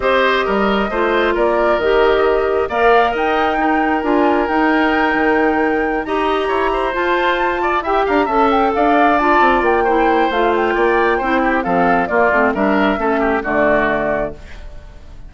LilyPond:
<<
  \new Staff \with { instrumentName = "flute" } { \time 4/4 \tempo 4 = 134 dis''2. d''4 | dis''2 f''4 g''4~ | g''4 gis''4 g''2~ | g''4. ais''2 a''8~ |
a''4. g''8 ais''8 a''8 g''8 f''8~ | f''8 a''4 g''4. f''8 g''8~ | g''2 f''4 d''4 | e''2 d''2 | }
  \new Staff \with { instrumentName = "oboe" } { \time 4/4 c''4 ais'4 c''4 ais'4~ | ais'2 d''4 dis''4 | ais'1~ | ais'4. dis''4 cis''8 c''4~ |
c''4 d''8 e''8 f''8 e''4 d''8~ | d''2 c''2 | d''4 c''8 g'8 a'4 f'4 | ais'4 a'8 g'8 fis'2 | }
  \new Staff \with { instrumentName = "clarinet" } { \time 4/4 g'2 f'2 | g'2 ais'2 | dis'4 f'4 dis'2~ | dis'4. g'2 f'8~ |
f'4. g'4 a'4.~ | a'8 f'4. e'4 f'4~ | f'4 e'4 c'4 ais8 c'8 | d'4 cis'4 a2 | }
  \new Staff \with { instrumentName = "bassoon" } { \time 4/4 c'4 g4 a4 ais4 | dis2 ais4 dis'4~ | dis'4 d'4 dis'4. dis8~ | dis4. dis'4 e'4 f'8~ |
f'4. e'8 d'8 cis'4 d'8~ | d'4 c'8 ais4. a4 | ais4 c'4 f4 ais8 a8 | g4 a4 d2 | }
>>